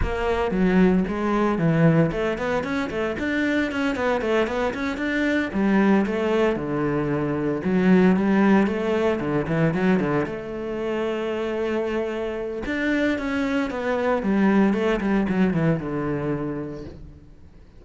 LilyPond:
\new Staff \with { instrumentName = "cello" } { \time 4/4 \tempo 4 = 114 ais4 fis4 gis4 e4 | a8 b8 cis'8 a8 d'4 cis'8 b8 | a8 b8 cis'8 d'4 g4 a8~ | a8 d2 fis4 g8~ |
g8 a4 d8 e8 fis8 d8 a8~ | a1 | d'4 cis'4 b4 g4 | a8 g8 fis8 e8 d2 | }